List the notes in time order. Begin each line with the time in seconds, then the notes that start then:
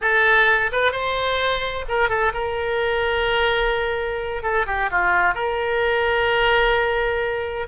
0.01 A4
0.72 B4
0.92 C5
1.88 A#4
2.09 A4
2.33 A#4
4.42 A4
4.66 G4
4.90 F4
5.34 A#4